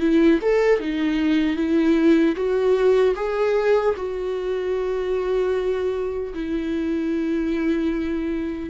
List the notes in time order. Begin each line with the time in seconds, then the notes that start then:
0.00 E4
0.42 A4
0.80 D#4
1.56 E4
2.36 F#4
3.16 G#4
3.97 F#4
6.34 E4